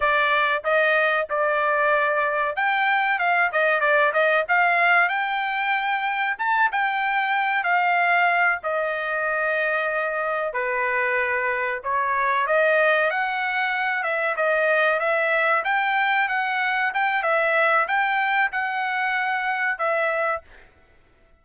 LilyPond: \new Staff \with { instrumentName = "trumpet" } { \time 4/4 \tempo 4 = 94 d''4 dis''4 d''2 | g''4 f''8 dis''8 d''8 dis''8 f''4 | g''2 a''8 g''4. | f''4. dis''2~ dis''8~ |
dis''8 b'2 cis''4 dis''8~ | dis''8 fis''4. e''8 dis''4 e''8~ | e''8 g''4 fis''4 g''8 e''4 | g''4 fis''2 e''4 | }